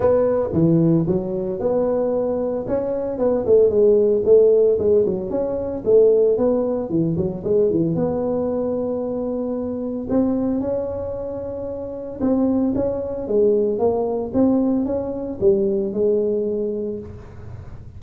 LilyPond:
\new Staff \with { instrumentName = "tuba" } { \time 4/4 \tempo 4 = 113 b4 e4 fis4 b4~ | b4 cis'4 b8 a8 gis4 | a4 gis8 fis8 cis'4 a4 | b4 e8 fis8 gis8 e8 b4~ |
b2. c'4 | cis'2. c'4 | cis'4 gis4 ais4 c'4 | cis'4 g4 gis2 | }